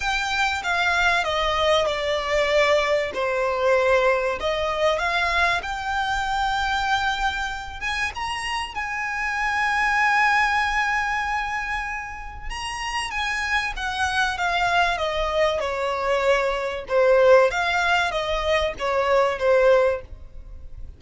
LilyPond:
\new Staff \with { instrumentName = "violin" } { \time 4/4 \tempo 4 = 96 g''4 f''4 dis''4 d''4~ | d''4 c''2 dis''4 | f''4 g''2.~ | g''8 gis''8 ais''4 gis''2~ |
gis''1 | ais''4 gis''4 fis''4 f''4 | dis''4 cis''2 c''4 | f''4 dis''4 cis''4 c''4 | }